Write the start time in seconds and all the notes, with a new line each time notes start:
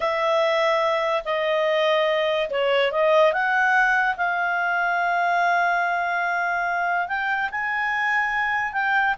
0.00 E5
1.24 D#5
2.49 C#5
2.91 D#5
3.32 F#5
4.16 F5
7.08 G5
7.51 G#5
8.73 G5